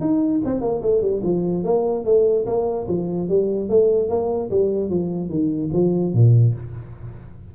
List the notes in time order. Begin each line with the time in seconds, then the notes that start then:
0.00 D#4
0.45 C4
0.61 A#3
0.82 A3
1.01 G3
1.23 F3
1.64 A#3
2.04 A3
2.46 A#3
2.88 F3
3.28 G3
3.69 A3
4.09 A#3
4.50 G3
4.89 F3
5.29 D#3
5.73 F3
6.13 A#2